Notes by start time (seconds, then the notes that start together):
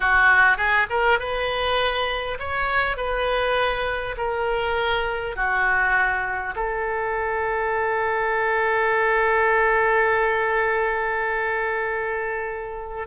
0.00 F#4
0.57 G#4
0.89 A#4
1.19 B4
2.39 C#5
2.96 B4
4.17 A#4
5.36 F#4
6.55 A4